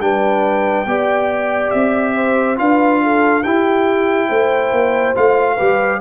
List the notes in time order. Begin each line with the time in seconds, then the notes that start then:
0.00 G3 D4 B4 G5
0.86 B3 G4 D5
1.70 C4 E5
2.15 C5
2.56 D4 F4 B4 F5
3.02 A4
3.42 E4 G4 G5
4.29 A3 C5
4.71 A#3
5.14 A3 F4 F5
5.55 G3 G4 B4